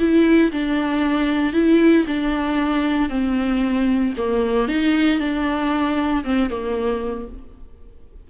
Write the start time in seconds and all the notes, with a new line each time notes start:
0.00 E4
0.52 D4
1.54 E4
2.08 D4
3.10 C4
4.18 A#3
4.69 D#4
5.20 D4
6.25 C4
6.50 A#3